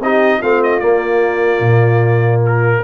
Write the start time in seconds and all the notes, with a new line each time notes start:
0.00 C4 D#4 G4 D#5
0.39 A3 C4 F4 F5
0.64 D#5
0.80 A#3 D5
1.61 A#2
2.46 A#4